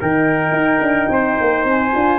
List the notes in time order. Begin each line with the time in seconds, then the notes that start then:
0.00 D#3 D#4 A#4 G5
0.51 D#4
0.81 D4
1.08 C4 C5
1.40 A#3
1.64 C4 G#5
1.94 D4 F4